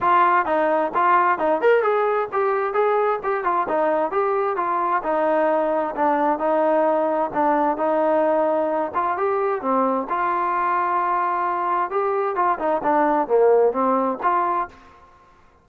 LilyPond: \new Staff \with { instrumentName = "trombone" } { \time 4/4 \tempo 4 = 131 f'4 dis'4 f'4 dis'8 ais'8 | gis'4 g'4 gis'4 g'8 f'8 | dis'4 g'4 f'4 dis'4~ | dis'4 d'4 dis'2 |
d'4 dis'2~ dis'8 f'8 | g'4 c'4 f'2~ | f'2 g'4 f'8 dis'8 | d'4 ais4 c'4 f'4 | }